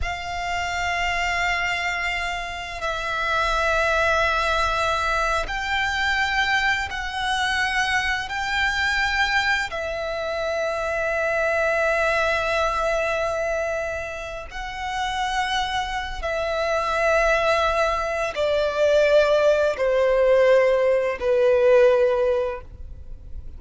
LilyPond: \new Staff \with { instrumentName = "violin" } { \time 4/4 \tempo 4 = 85 f''1 | e''2.~ e''8. g''16~ | g''4.~ g''16 fis''2 g''16~ | g''4.~ g''16 e''2~ e''16~ |
e''1~ | e''8 fis''2~ fis''8 e''4~ | e''2 d''2 | c''2 b'2 | }